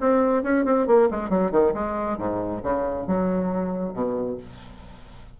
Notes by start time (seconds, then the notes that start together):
0.00 C4
0.43 C#4
0.65 C4
0.87 A#3
1.10 G#3
1.29 F#3
1.51 D#3
1.73 G#3
2.18 G#2
2.63 C#3
3.07 F#3
3.93 B2